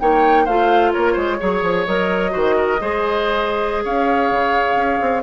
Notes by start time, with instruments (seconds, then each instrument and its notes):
0.00 bassoon A#3, clarinet D#4, oboe C#5, flute G5
0.45 bassoon A3, clarinet F4, oboe C5, flute F5
0.93 bassoon A#3, oboe A#4, flute C#5
1.13 bassoon G#3, oboe C5
1.40 bassoon F#3, clarinet G#4, oboe C#5
1.62 bassoon F3
1.86 bassoon F#3, clarinet A#4, flute D#5
2.31 bassoon D#3, clarinet F#4, oboe C5
2.57 oboe A#4
2.80 bassoon G#3, clarinet G#4, oboe C5
3.84 bassoon C#4, oboe C#5, flute F5
4.31 bassoon C#3
4.76 bassoon C#4
5.01 bassoon C4